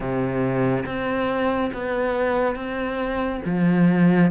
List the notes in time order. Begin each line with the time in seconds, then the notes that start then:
0.00 C3
0.85 C4
1.73 B3
2.55 C4
3.45 F3